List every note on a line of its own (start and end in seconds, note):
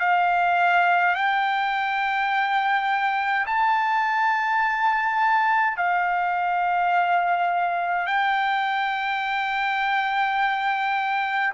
0.00 1.15 F5
1.15 3.46 G5
3.46 5.77 A5
5.77 8.07 F5
8.07 11.53 G5